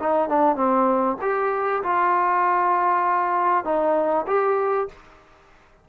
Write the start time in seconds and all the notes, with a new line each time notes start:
0.00 D#4
0.29 D4
0.56 C4
1.22 G4
1.83 F4
3.65 D#4
4.27 G4